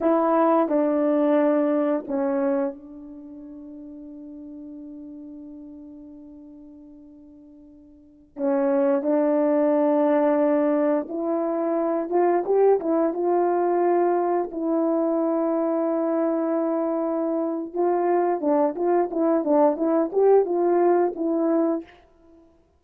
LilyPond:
\new Staff \with { instrumentName = "horn" } { \time 4/4 \tempo 4 = 88 e'4 d'2 cis'4 | d'1~ | d'1~ | d'16 cis'4 d'2~ d'8.~ |
d'16 e'4. f'8 g'8 e'8 f'8.~ | f'4~ f'16 e'2~ e'8.~ | e'2 f'4 d'8 f'8 | e'8 d'8 e'8 g'8 f'4 e'4 | }